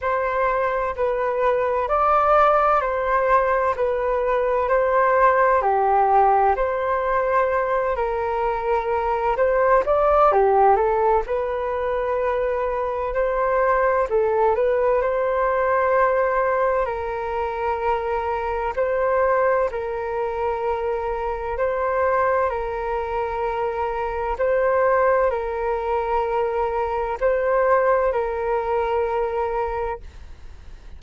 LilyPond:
\new Staff \with { instrumentName = "flute" } { \time 4/4 \tempo 4 = 64 c''4 b'4 d''4 c''4 | b'4 c''4 g'4 c''4~ | c''8 ais'4. c''8 d''8 g'8 a'8 | b'2 c''4 a'8 b'8 |
c''2 ais'2 | c''4 ais'2 c''4 | ais'2 c''4 ais'4~ | ais'4 c''4 ais'2 | }